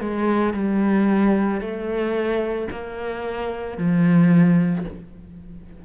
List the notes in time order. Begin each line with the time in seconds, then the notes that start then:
0.00 G#3
0.53 G3
1.61 A3
2.71 A#3
3.77 F3